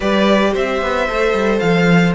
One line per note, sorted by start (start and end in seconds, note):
0.00 0.54 G3
0.00 1.07 G4
0.00 0.51 B4
0.00 0.54 D5
0.53 0.81 C4
0.53 2.14 C5
0.53 1.59 E5
0.81 1.08 B3
1.07 1.33 A3
1.07 2.14 A4
1.33 1.59 G3
1.59 2.14 F3
1.59 2.12 F5